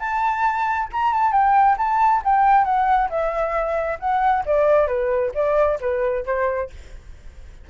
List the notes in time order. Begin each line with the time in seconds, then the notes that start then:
0.00 A5
0.93 A#5
1.14 A5
1.32 G5
1.78 A5
2.25 G5
2.65 F#5
3.10 E5
4.00 F#5
4.46 D5
4.88 B4
5.35 D5
5.81 B4
6.26 C5